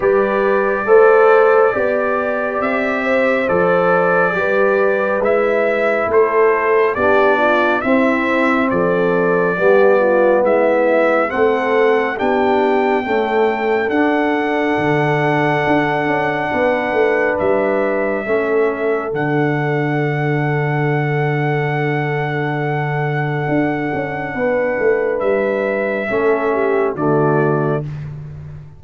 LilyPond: <<
  \new Staff \with { instrumentName = "trumpet" } { \time 4/4 \tempo 4 = 69 d''2. e''4 | d''2 e''4 c''4 | d''4 e''4 d''2 | e''4 fis''4 g''2 |
fis''1 | e''2 fis''2~ | fis''1~ | fis''4 e''2 d''4 | }
  \new Staff \with { instrumentName = "horn" } { \time 4/4 b'4 c''4 d''4. c''8~ | c''4 b'2 a'4 | g'8 f'8 e'4 a'4 g'8 f'8 | e'4 a'4 g'4 a'4~ |
a'2. b'4~ | b'4 a'2.~ | a'1 | b'2 a'8 g'8 fis'4 | }
  \new Staff \with { instrumentName = "trombone" } { \time 4/4 g'4 a'4 g'2 | a'4 g'4 e'2 | d'4 c'2 b4~ | b4 c'4 d'4 a4 |
d'1~ | d'4 cis'4 d'2~ | d'1~ | d'2 cis'4 a4 | }
  \new Staff \with { instrumentName = "tuba" } { \time 4/4 g4 a4 b4 c'4 | f4 g4 gis4 a4 | b4 c'4 f4 g4 | gis4 a4 b4 cis'4 |
d'4 d4 d'8 cis'8 b8 a8 | g4 a4 d2~ | d2. d'8 cis'8 | b8 a8 g4 a4 d4 | }
>>